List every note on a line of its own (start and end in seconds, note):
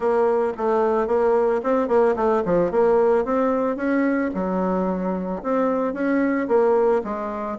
0.00 0.52 A#3
0.57 1.07 A3
1.07 1.61 A#3
1.63 1.88 C4
1.88 2.15 A#3
2.15 2.43 A3
2.45 2.71 F3
2.71 3.24 A#3
3.24 3.76 C4
3.76 4.30 C#4
4.34 5.42 F#3
5.42 5.93 C4
5.93 6.47 C#4
6.47 7.01 A#3
7.04 7.58 G#3